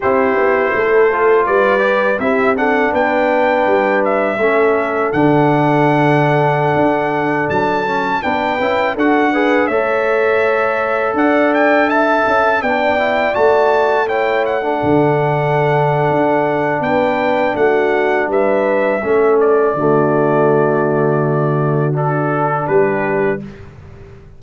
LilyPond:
<<
  \new Staff \with { instrumentName = "trumpet" } { \time 4/4 \tempo 4 = 82 c''2 d''4 e''8 fis''8 | g''4. e''4. fis''4~ | fis''2~ fis''16 a''4 g''8.~ | g''16 fis''4 e''2 fis''8 g''16~ |
g''16 a''4 g''4 a''4 g''8 fis''16~ | fis''2. g''4 | fis''4 e''4. d''4.~ | d''2 a'4 b'4 | }
  \new Staff \with { instrumentName = "horn" } { \time 4/4 g'4 a'4 b'4 g'8 a'8 | b'2 a'2~ | a'2.~ a'16 b'8.~ | b'16 a'8 b'8 cis''2 d''8.~ |
d''16 e''4 d''2 cis''8. | a'2. b'4 | fis'4 b'4 a'4 fis'4~ | fis'2. g'4 | }
  \new Staff \with { instrumentName = "trombone" } { \time 4/4 e'4. f'4 g'8 e'8 d'8~ | d'2 cis'4 d'4~ | d'2~ d'8. cis'8 d'8 e'16~ | e'16 fis'8 gis'8 a'2~ a'8.~ |
a'4~ a'16 d'8 e'8 fis'4 e'8. | d'1~ | d'2 cis'4 a4~ | a2 d'2 | }
  \new Staff \with { instrumentName = "tuba" } { \time 4/4 c'8 b8 a4 g4 c'4 | b4 g4 a4 d4~ | d4~ d16 d'4 fis4 b8 cis'16~ | cis'16 d'4 a2 d'8.~ |
d'8. cis'8 b4 a4.~ a16~ | a16 d4.~ d16 d'4 b4 | a4 g4 a4 d4~ | d2. g4 | }
>>